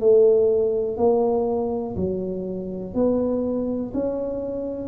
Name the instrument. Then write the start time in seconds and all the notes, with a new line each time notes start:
tuba
0.00 A3
0.97 A#3
1.96 F#3
2.95 B3
3.94 C#4